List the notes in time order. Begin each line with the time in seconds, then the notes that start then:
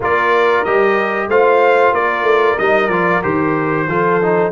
0.00 A#3 F4 A#4 D5
0.64 G3 G4 D#5
1.27 A3 F4 C5 F5
1.92 A#3 A#4 D5
2.22 A3
2.58 G3 D#4 D#5
2.88 F3 F4 D5
3.22 D#3 G4 C5
3.87 F3 F4 A4
4.22 D#4